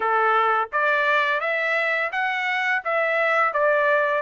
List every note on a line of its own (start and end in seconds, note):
0.00 0.68 A4
0.72 1.40 D5
1.40 2.10 E5
2.11 2.82 F#5
2.84 3.53 E5
3.53 4.22 D5